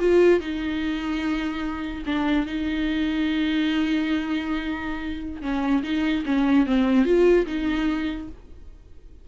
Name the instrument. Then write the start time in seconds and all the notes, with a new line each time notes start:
viola
0.00 F4
0.41 D#4
2.06 D4
2.47 D#4
5.42 C#4
5.83 D#4
6.26 C#4
6.67 C4
7.06 F4
7.47 D#4